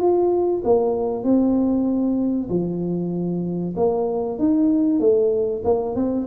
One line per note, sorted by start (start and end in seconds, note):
0.00 0.62 F4
0.64 1.24 A#3
1.24 2.49 C4
2.50 3.75 F3
3.77 4.39 A#3
4.39 5.00 D#4
5.00 5.63 A3
5.64 5.96 A#3
5.96 6.27 C4